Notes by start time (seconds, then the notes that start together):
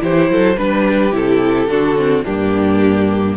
0.00 E3 E4 G4 C5
0.29 F#3 A4
0.57 G3 D4 B4
0.87 G4
1.12 C3 E4 A4
1.68 D3 D4 F#4
1.97 C4
2.25 G2 A#3 D4 G4